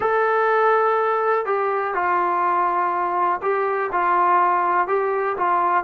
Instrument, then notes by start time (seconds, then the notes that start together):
trombone
0.00 A4
1.45 G4
1.94 F4
3.42 G4
3.92 F4
4.87 G4
5.37 F4